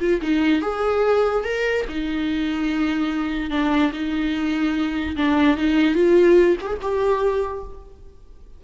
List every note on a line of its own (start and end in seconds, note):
0.00 0.21 F4
0.21 0.61 D#4
0.61 1.44 G#4
1.44 1.85 A#4
1.88 3.50 D#4
3.50 3.91 D4
3.93 5.16 D#4
5.16 5.57 D4
5.57 5.95 D#4
5.95 6.56 F4
6.61 6.66 G4
6.61 6.77 G#4
6.81 7.63 G4